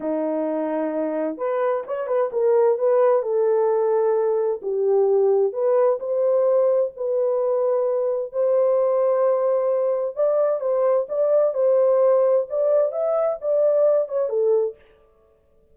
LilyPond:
\new Staff \with { instrumentName = "horn" } { \time 4/4 \tempo 4 = 130 dis'2. b'4 | cis''8 b'8 ais'4 b'4 a'4~ | a'2 g'2 | b'4 c''2 b'4~ |
b'2 c''2~ | c''2 d''4 c''4 | d''4 c''2 d''4 | e''4 d''4. cis''8 a'4 | }